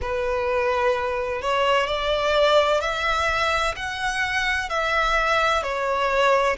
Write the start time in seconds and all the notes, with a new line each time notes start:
0.01 B4
1.41 C#5
1.87 D5
2.80 E5
3.76 F#5
4.69 E5
5.62 C#5